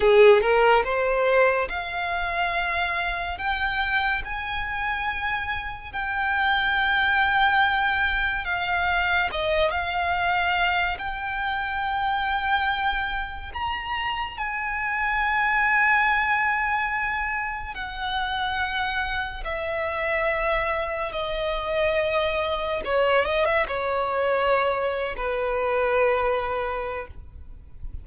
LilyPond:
\new Staff \with { instrumentName = "violin" } { \time 4/4 \tempo 4 = 71 gis'8 ais'8 c''4 f''2 | g''4 gis''2 g''4~ | g''2 f''4 dis''8 f''8~ | f''4 g''2. |
ais''4 gis''2.~ | gis''4 fis''2 e''4~ | e''4 dis''2 cis''8 dis''16 e''16 | cis''4.~ cis''16 b'2~ b'16 | }